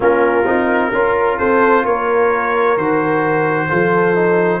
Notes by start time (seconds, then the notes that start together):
0.00 A#3 C#4 F4 A#4
0.45 C4 D#4
0.92 C#4 F4 A#4
1.37 C4 A4 C5
1.84 A#3 A#4 C#5
2.77 D#3 F#4 C5
3.68 F3 F4 A4
4.14 D#4